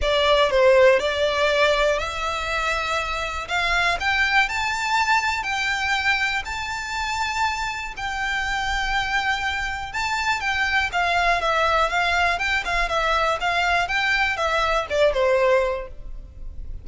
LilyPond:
\new Staff \with { instrumentName = "violin" } { \time 4/4 \tempo 4 = 121 d''4 c''4 d''2 | e''2. f''4 | g''4 a''2 g''4~ | g''4 a''2. |
g''1 | a''4 g''4 f''4 e''4 | f''4 g''8 f''8 e''4 f''4 | g''4 e''4 d''8 c''4. | }